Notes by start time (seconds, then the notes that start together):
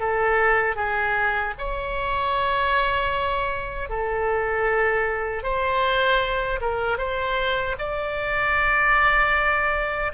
0.00 A4
0.76 G#4
1.58 C#5
3.90 A4
5.43 C5
6.61 A#4
6.98 C5
7.79 D5